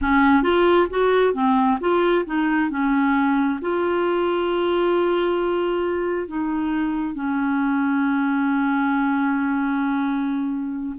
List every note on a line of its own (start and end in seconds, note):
0.01 0.42 C#4
0.42 0.87 F4
0.90 1.34 F#4
1.34 1.78 C4
1.80 2.25 F4
2.26 2.69 D#4
2.69 3.59 C#4
3.61 6.27 F4
6.27 7.14 D#4
7.14 10.95 C#4